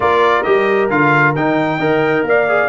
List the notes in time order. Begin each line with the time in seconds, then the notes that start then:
0.00 A#3 F4 A#4 D5
0.43 G3 G4 D#5
0.90 D3 F4 F5
1.35 D#3 D#4 G5
1.78 D#4 A#4 D#5
2.22 A#3 D5 F5
2.48 G#4